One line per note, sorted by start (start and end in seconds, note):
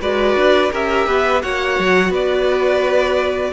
0.00 0.35 G#3
0.00 0.71 F#4
0.00 0.71 B4
0.00 0.72 D5
0.35 0.71 D4
0.71 1.07 C#4
0.71 1.42 G4
0.71 1.06 A#4
0.71 1.42 E5
1.06 1.42 B3
1.06 1.41 B4
1.42 1.79 A#3
1.42 3.52 F#4
1.42 2.10 C#5
1.42 2.13 F#5
1.79 2.09 F#3
2.09 3.50 B3
2.09 3.52 B4
2.09 3.52 D5